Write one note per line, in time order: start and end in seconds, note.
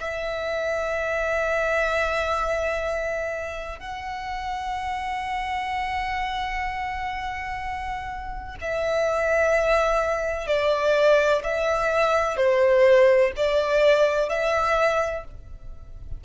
0.00 3.80 E5
3.80 8.56 F#5
8.61 10.47 E5
10.47 11.42 D5
11.44 12.37 E5
12.37 13.32 C5
13.36 14.29 D5
14.29 15.25 E5